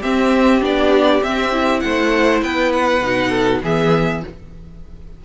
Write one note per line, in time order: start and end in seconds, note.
0.00 0.61 C4
0.00 0.62 C4
0.00 1.80 G4
0.00 0.62 E5
0.61 1.22 B3
0.61 1.21 D4
0.61 1.23 D5
1.23 1.83 C4
1.23 1.52 C4
1.23 1.80 E5
1.52 3.02 E4
1.80 2.42 A3
1.80 2.44 C5
1.80 2.40 F#5
2.42 3.01 B3
2.42 3.29 B4
2.42 2.73 G5
2.73 3.62 F#5
3.01 3.61 B2
3.01 3.62 D#4
3.29 3.59 A4
3.63 4.23 E3
3.63 4.23 B3
3.63 4.23 G#4
3.63 4.25 E5